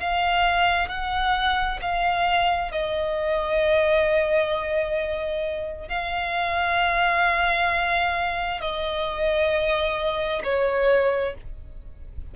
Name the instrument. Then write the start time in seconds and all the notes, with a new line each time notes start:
violin
0.00 F5
0.89 F#5
1.82 F5
2.72 D#5
5.89 F5
8.61 D#5
10.44 C#5